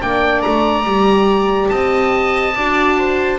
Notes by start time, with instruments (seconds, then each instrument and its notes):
0.00 double bass A#3, horn D4, viola D5, oboe G5
0.41 double bass A3, oboe A#5
0.85 double bass G3, horn G4
1.69 double bass C4, viola D#5, oboe A5
2.55 double bass D4, horn F#4, viola D5
2.98 viola C5